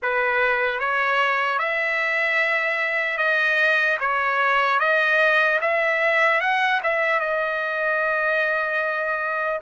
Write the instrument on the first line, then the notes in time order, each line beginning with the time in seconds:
trumpet
0.02 B4
0.79 C#5
1.59 E5
3.17 D#5
4.00 C#5
4.79 D#5
5.61 E5
6.40 F#5
6.83 E5
7.20 D#5